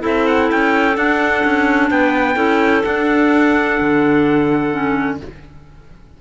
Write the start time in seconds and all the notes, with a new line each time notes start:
0.00 C4 E4 A4 E5
0.27 F#5
0.51 C#4 G5
0.95 D4 F#5
1.44 C#4
1.90 B3 B4 G5
2.35 C#4 E4 A4
2.83 D4 F#5
3.80 D3
4.71 C#4